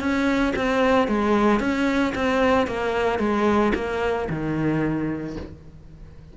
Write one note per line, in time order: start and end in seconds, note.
0.00 0.54 C#4
0.56 1.08 C4
1.08 1.60 G#3
1.60 2.13 C#4
2.15 2.67 C4
2.67 3.19 A#3
3.19 3.73 G#3
3.75 4.28 A#3
4.30 5.37 D#3